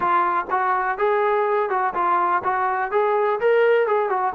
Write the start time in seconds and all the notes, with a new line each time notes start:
0.00 F4
0.50 F#4
0.98 G#4
1.69 F#4
1.94 F4
2.43 F#4
2.91 G#4
3.40 A#4
3.87 G#4
4.09 F#4